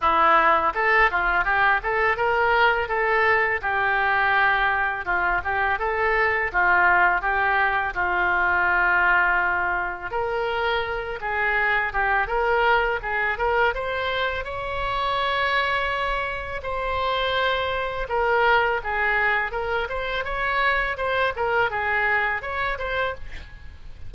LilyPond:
\new Staff \with { instrumentName = "oboe" } { \time 4/4 \tempo 4 = 83 e'4 a'8 f'8 g'8 a'8 ais'4 | a'4 g'2 f'8 g'8 | a'4 f'4 g'4 f'4~ | f'2 ais'4. gis'8~ |
gis'8 g'8 ais'4 gis'8 ais'8 c''4 | cis''2. c''4~ | c''4 ais'4 gis'4 ais'8 c''8 | cis''4 c''8 ais'8 gis'4 cis''8 c''8 | }